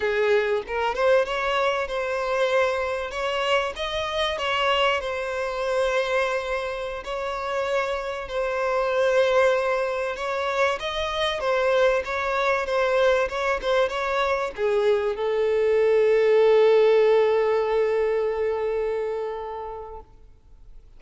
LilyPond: \new Staff \with { instrumentName = "violin" } { \time 4/4 \tempo 4 = 96 gis'4 ais'8 c''8 cis''4 c''4~ | c''4 cis''4 dis''4 cis''4 | c''2.~ c''16 cis''8.~ | cis''4~ cis''16 c''2~ c''8.~ |
c''16 cis''4 dis''4 c''4 cis''8.~ | cis''16 c''4 cis''8 c''8 cis''4 gis'8.~ | gis'16 a'2.~ a'8.~ | a'1 | }